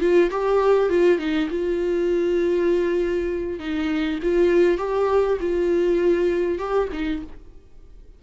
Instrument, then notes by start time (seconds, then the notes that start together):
viola
0.00 F4
0.30 G4
0.89 F4
1.18 D#4
1.50 F4
3.59 D#4
4.22 F4
4.78 G4
5.40 F4
6.58 G4
6.92 D#4